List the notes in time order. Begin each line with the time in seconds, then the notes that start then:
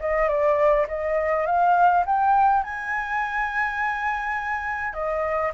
0.00 D#5
0.28 D5
0.89 D#5
1.46 F5
2.06 G5
2.64 G#5
4.94 D#5